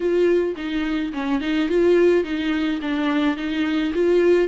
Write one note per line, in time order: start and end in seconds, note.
0.00 0.55 F4
0.56 1.12 D#4
1.13 1.40 C#4
1.40 1.68 D#4
1.68 2.24 F4
2.24 2.80 D#4
2.81 3.36 D4
3.36 3.93 D#4
3.94 4.48 F4